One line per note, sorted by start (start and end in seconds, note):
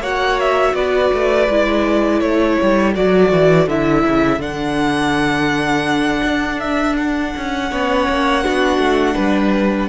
0.00 0.73 A#3
0.00 1.49 F#4
0.00 0.74 C#5
0.00 0.40 F#5
0.40 0.74 E5
0.74 1.10 B3
0.74 2.24 B4
0.74 2.20 D5
1.13 1.48 A3
1.48 2.21 G#3
1.48 2.95 E4
2.20 2.57 A3
2.20 7.71 A4
2.20 2.93 C#5
2.62 2.96 G3
2.95 3.32 F#3
2.95 3.68 F#4
2.95 3.69 D5
3.32 3.67 E3
3.67 4.03 D3
3.67 4.40 E4
3.67 4.41 E5
4.05 4.38 C#3
4.38 6.21 D3
4.38 7.69 D4
4.38 6.59 F#5
6.23 7.33 D4
6.59 6.96 E5
6.97 9.89 F#5
7.37 7.71 C#4
7.70 8.08 B3
7.70 8.43 C#4
7.70 8.44 C#5
8.09 8.45 A#3
8.43 8.78 B3
8.43 9.89 D4
8.43 9.15 F#4
8.78 9.14 A3
9.15 9.89 G3
9.15 9.88 B4